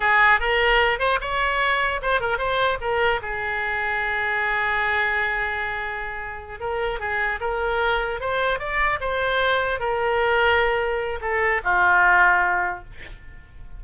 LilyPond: \new Staff \with { instrumentName = "oboe" } { \time 4/4 \tempo 4 = 150 gis'4 ais'4. c''8 cis''4~ | cis''4 c''8 ais'8 c''4 ais'4 | gis'1~ | gis'1~ |
gis'8 ais'4 gis'4 ais'4.~ | ais'8 c''4 d''4 c''4.~ | c''8 ais'2.~ ais'8 | a'4 f'2. | }